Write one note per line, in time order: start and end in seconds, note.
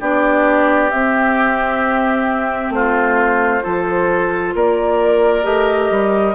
0.00 0.92 B3
0.00 0.91 D4
0.00 2.73 G4
0.00 0.90 D5
0.90 3.62 C4
0.90 2.70 C4
0.90 2.72 E5
2.70 3.61 A3
2.70 3.63 F4
2.70 4.55 C5
3.62 4.54 F3
3.62 5.43 F4
3.62 4.54 A4
4.54 5.45 A#3
4.54 6.35 A#4
4.54 5.45 D5
5.43 5.90 A3
5.43 6.34 G4
5.43 6.35 D#5
5.90 6.35 G3